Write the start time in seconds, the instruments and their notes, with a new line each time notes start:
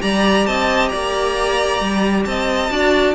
0.00 cello G3, viola G4, violin D5 A#5
0.46 cello C4, violin D#5 A5
0.89 cello A#3, violin D5 A#5
1.80 cello G3
2.25 cello C4, violin D#5 A5
2.70 cello D4, viola F#4, violin D5